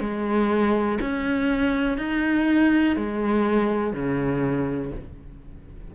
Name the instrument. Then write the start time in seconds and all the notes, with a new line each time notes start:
cello
0.00 G#3
1.01 C#4
1.98 D#4
2.96 G#3
3.93 C#3